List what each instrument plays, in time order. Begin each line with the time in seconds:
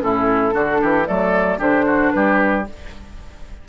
0.00 bassoon A2, clarinet C#4, oboe E4, flute A4
0.52 bassoon D3, clarinet D4, oboe F#4
0.81 bassoon E3, oboe G4
1.05 bassoon F#3, clarinet A3, oboe A4, flute D5
1.58 bassoon D3, clarinet D4, oboe G4, flute C5
1.86 oboe F#4
2.11 bassoon G3, oboe G4, flute B4